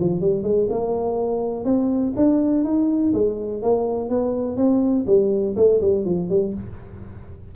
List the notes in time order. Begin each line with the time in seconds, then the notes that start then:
0.00 F3
0.21 G3
0.43 G#3
0.70 A#3
1.65 C4
2.16 D4
2.65 D#4
3.14 G#3
3.62 A#3
4.09 B3
4.57 C4
5.07 G3
5.56 A3
5.81 G3
6.05 F3
6.30 G3